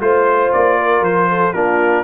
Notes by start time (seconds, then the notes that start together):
0.00 A3 F4 C5
0.52 A#3 D5
0.78 A#4
1.01 F3 C5
1.29 A4
1.53 A#3 D4 F4 A#4